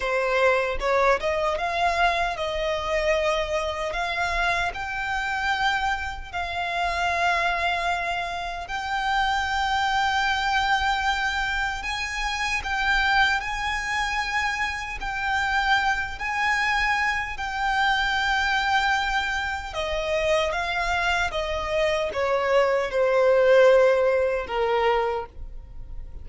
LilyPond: \new Staff \with { instrumentName = "violin" } { \time 4/4 \tempo 4 = 76 c''4 cis''8 dis''8 f''4 dis''4~ | dis''4 f''4 g''2 | f''2. g''4~ | g''2. gis''4 |
g''4 gis''2 g''4~ | g''8 gis''4. g''2~ | g''4 dis''4 f''4 dis''4 | cis''4 c''2 ais'4 | }